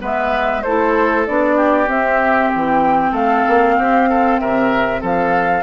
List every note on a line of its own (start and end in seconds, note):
0.00 0.64 G#3
0.00 0.62 B3
0.00 0.63 B4
0.00 0.62 E5
0.62 1.28 A3
0.62 1.27 E4
0.62 1.56 A4
0.62 1.25 C5
1.26 1.88 B3
1.26 1.87 D4
1.26 1.89 D5
1.56 3.12 G4
1.87 5.62 C4
1.87 2.50 C4
1.87 2.52 E5
2.54 3.12 E3
2.54 3.15 G5
3.12 3.43 A3
3.12 3.74 A4
3.12 4.39 F5
3.48 3.78 A#3
3.78 4.40 C4
3.78 4.09 G4
4.09 4.40 A4
4.39 5.02 C3
4.39 5.01 A#4
4.39 5.02 E5
5.01 5.62 F3
5.01 5.62 A4
5.01 5.62 F5